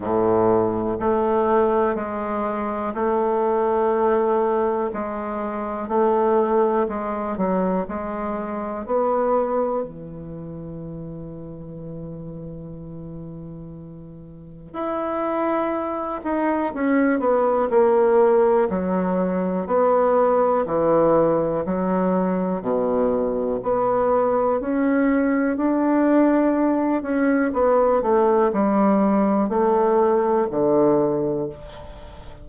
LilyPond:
\new Staff \with { instrumentName = "bassoon" } { \time 4/4 \tempo 4 = 61 a,4 a4 gis4 a4~ | a4 gis4 a4 gis8 fis8 | gis4 b4 e2~ | e2. e'4~ |
e'8 dis'8 cis'8 b8 ais4 fis4 | b4 e4 fis4 b,4 | b4 cis'4 d'4. cis'8 | b8 a8 g4 a4 d4 | }